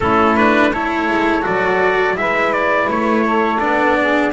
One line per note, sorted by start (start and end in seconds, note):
0.00 1.08 A3
0.00 0.36 C#4
0.00 0.71 E4
0.00 0.36 A4
0.36 0.72 D4
0.36 0.72 B4
0.71 1.42 E4
0.71 2.16 A4
0.71 1.45 C#5
1.08 1.44 G#3
1.42 2.16 F#3
1.42 2.13 F#4
1.42 2.17 D5
2.13 2.88 G#3
2.13 3.58 E4
2.13 2.52 E5
2.20 3.25 B4
2.52 2.88 D5
2.89 3.61 A3
2.89 3.59 C#5
3.25 3.97 A4
3.59 4.32 B3
3.59 4.32 D4
3.59 4.31 D5
3.99 4.32 G#4